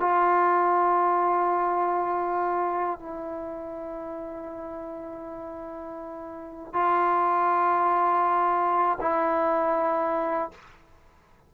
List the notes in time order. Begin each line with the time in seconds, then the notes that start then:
0.00 F4
2.99 E4
6.73 F4
9.01 E4